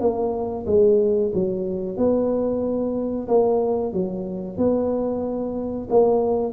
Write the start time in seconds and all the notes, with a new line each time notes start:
0.00 A#3
0.66 G#3
1.34 F#3
1.97 B3
3.28 A#3
3.93 F#3
4.57 B3
5.90 A#3